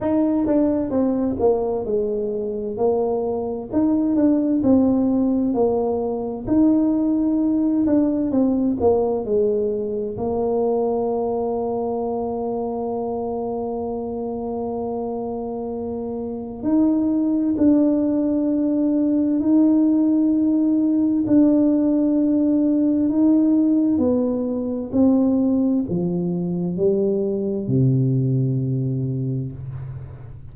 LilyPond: \new Staff \with { instrumentName = "tuba" } { \time 4/4 \tempo 4 = 65 dis'8 d'8 c'8 ais8 gis4 ais4 | dis'8 d'8 c'4 ais4 dis'4~ | dis'8 d'8 c'8 ais8 gis4 ais4~ | ais1~ |
ais2 dis'4 d'4~ | d'4 dis'2 d'4~ | d'4 dis'4 b4 c'4 | f4 g4 c2 | }